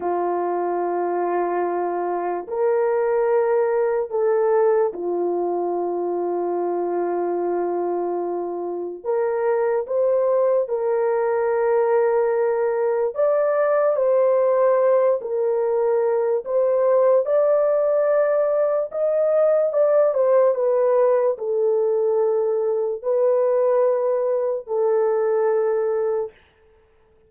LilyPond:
\new Staff \with { instrumentName = "horn" } { \time 4/4 \tempo 4 = 73 f'2. ais'4~ | ais'4 a'4 f'2~ | f'2. ais'4 | c''4 ais'2. |
d''4 c''4. ais'4. | c''4 d''2 dis''4 | d''8 c''8 b'4 a'2 | b'2 a'2 | }